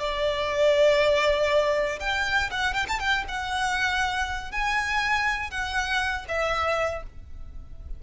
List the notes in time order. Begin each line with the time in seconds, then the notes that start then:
0.00 D5
2.00 G5
2.52 F#5
2.74 G5
2.89 A5
3.00 G5
3.29 F#5
4.52 G#5
5.51 F#5
6.29 E5